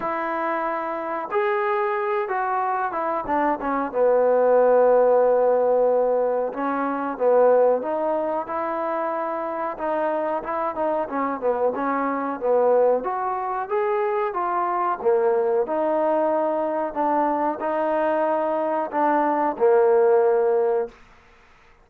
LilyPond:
\new Staff \with { instrumentName = "trombone" } { \time 4/4 \tempo 4 = 92 e'2 gis'4. fis'8~ | fis'8 e'8 d'8 cis'8 b2~ | b2 cis'4 b4 | dis'4 e'2 dis'4 |
e'8 dis'8 cis'8 b8 cis'4 b4 | fis'4 gis'4 f'4 ais4 | dis'2 d'4 dis'4~ | dis'4 d'4 ais2 | }